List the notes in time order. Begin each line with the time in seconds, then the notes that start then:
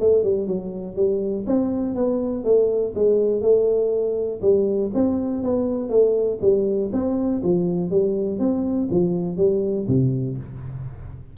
0.00 A3
0.23 G3
0.47 F#3
0.96 G3
1.47 C4
1.95 B3
2.44 A3
2.95 G#3
3.41 A3
4.42 G3
4.94 C4
5.43 B3
5.90 A3
6.41 G3
6.93 C4
7.44 F3
7.91 G3
8.39 C4
8.91 F3
9.37 G3
9.88 C3